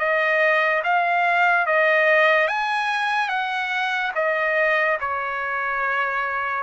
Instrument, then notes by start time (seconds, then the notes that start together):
trumpet
0.00 D#5
0.84 F5
1.67 D#5
2.48 G#5
3.29 F#5
4.16 D#5
5.01 C#5